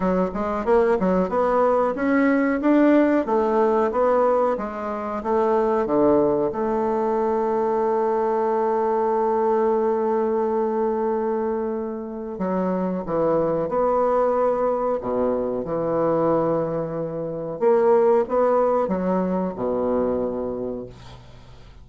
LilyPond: \new Staff \with { instrumentName = "bassoon" } { \time 4/4 \tempo 4 = 92 fis8 gis8 ais8 fis8 b4 cis'4 | d'4 a4 b4 gis4 | a4 d4 a2~ | a1~ |
a2. fis4 | e4 b2 b,4 | e2. ais4 | b4 fis4 b,2 | }